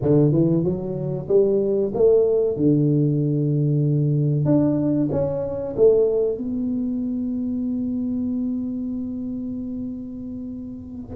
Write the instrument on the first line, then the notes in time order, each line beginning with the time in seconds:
tuba
0.02 D3
0.32 E3
0.64 F#3
1.28 G3
1.94 A3
2.56 D3
4.45 D4
5.11 C#4
5.76 A3
6.37 B3